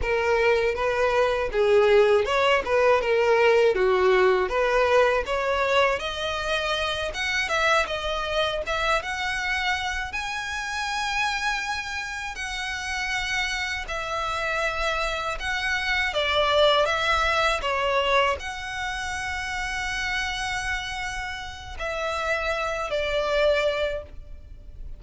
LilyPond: \new Staff \with { instrumentName = "violin" } { \time 4/4 \tempo 4 = 80 ais'4 b'4 gis'4 cis''8 b'8 | ais'4 fis'4 b'4 cis''4 | dis''4. fis''8 e''8 dis''4 e''8 | fis''4. gis''2~ gis''8~ |
gis''8 fis''2 e''4.~ | e''8 fis''4 d''4 e''4 cis''8~ | cis''8 fis''2.~ fis''8~ | fis''4 e''4. d''4. | }